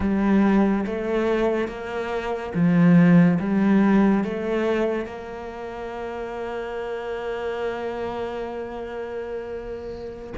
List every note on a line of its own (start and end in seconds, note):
0.00 0.85 G3
0.86 1.68 A3
1.68 2.52 A#3
2.54 3.38 F3
3.39 4.24 G3
4.24 5.05 A3
5.05 10.33 A#3